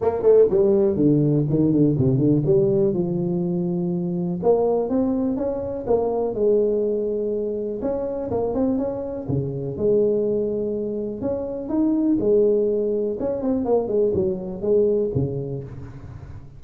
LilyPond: \new Staff \with { instrumentName = "tuba" } { \time 4/4 \tempo 4 = 123 ais8 a8 g4 d4 dis8 d8 | c8 d8 g4 f2~ | f4 ais4 c'4 cis'4 | ais4 gis2. |
cis'4 ais8 c'8 cis'4 cis4 | gis2. cis'4 | dis'4 gis2 cis'8 c'8 | ais8 gis8 fis4 gis4 cis4 | }